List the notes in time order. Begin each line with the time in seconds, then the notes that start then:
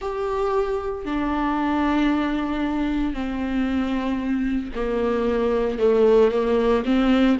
0.00 G4
1.05 D4
3.13 C4
4.75 A#3
5.78 A3
6.31 A#3
6.85 C4